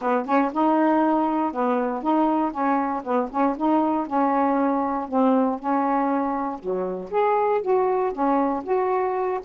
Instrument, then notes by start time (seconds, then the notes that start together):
saxophone
0.01 B3
0.25 C#4
0.52 D#4
1.52 B3
2.02 D#4
2.51 C#4
3.03 B3
3.31 C#4
3.57 D#4
4.07 C#4
5.08 C4
5.59 C#4
6.58 F#3
7.10 G#4
7.61 F#4
8.12 C#4
8.63 F#4